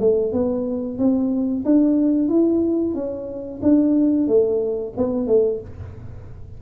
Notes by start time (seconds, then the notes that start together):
0.00 A3
0.33 B3
0.98 C4
1.65 D4
2.29 E4
2.94 C#4
3.62 D4
4.27 A3
4.97 B3
5.27 A3